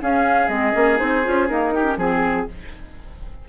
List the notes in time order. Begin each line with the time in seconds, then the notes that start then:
0.00 C#4 G#4 F5
0.48 G#3 C4 D#5
0.72 A#3 C#4
0.96 C4 D#4 C5
1.24 C#4 F4
1.48 A#3 D#4 A#4
1.73 D#4 G4
1.84 C#4
1.97 F3 C4 G#4